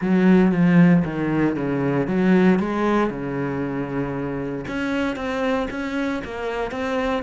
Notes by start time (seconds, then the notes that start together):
0.01 F#3
0.51 F3
1.04 D#3
1.55 C#3
2.07 F#3
2.59 G#3
3.10 C#3
4.67 C#4
5.16 C4
5.70 C#4
6.24 A#3
6.71 C4